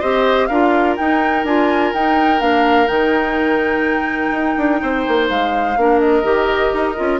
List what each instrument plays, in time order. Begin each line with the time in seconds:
0.00 bassoon C4, clarinet G4, oboe C5, flute D#5
0.47 bassoon D4, clarinet F4, oboe A#4, flute F5
0.96 clarinet D#4, bassoon D#4, flute G5
1.44 bassoon D4, clarinet F4, flute G#5
1.94 bassoon D#4, clarinet D#4, flute G5
2.39 bassoon A#3, clarinet D4, flute F5
2.87 bassoon D#3, clarinet D#4, flute G5
4.31 bassoon D#4
4.57 bassoon D4
4.82 bassoon C4, oboe C5
5.08 bassoon A#3
5.29 bassoon G#3, flute F5
5.77 bassoon A#3, clarinet D4, oboe A#4
5.99 flute D#5
6.23 bassoon D#3, clarinet G4
6.73 bassoon D#4
6.96 bassoon C#4, clarinet F4